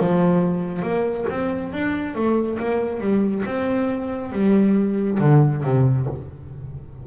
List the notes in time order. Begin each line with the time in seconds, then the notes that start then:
0.00 F3
0.83 A#3
1.30 C4
1.73 D4
2.15 A3
2.59 A#3
3.00 G3
3.45 C4
4.32 G3
5.20 D3
5.64 C3